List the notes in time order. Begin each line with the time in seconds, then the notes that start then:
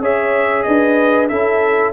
0.00 C#4 G#4 C#5 E5
0.63 D4 B4 D#5
1.29 C#4 E4 A4 E5